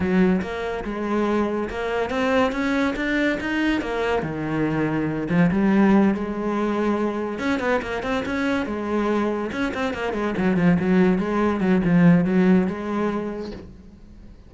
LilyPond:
\new Staff \with { instrumentName = "cello" } { \time 4/4 \tempo 4 = 142 fis4 ais4 gis2 | ais4 c'4 cis'4 d'4 | dis'4 ais4 dis2~ | dis8 f8 g4. gis4.~ |
gis4. cis'8 b8 ais8 c'8 cis'8~ | cis'8 gis2 cis'8 c'8 ais8 | gis8 fis8 f8 fis4 gis4 fis8 | f4 fis4 gis2 | }